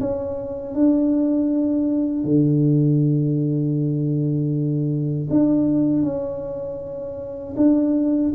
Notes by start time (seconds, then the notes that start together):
0.00 C#4
0.75 D4
2.24 D3
5.30 D4
6.03 C#4
7.56 D4